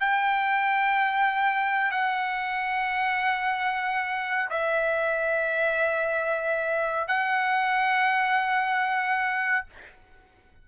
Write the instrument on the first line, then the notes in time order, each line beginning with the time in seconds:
trumpet
0.00 G5
1.91 F#5
4.50 E5
7.08 F#5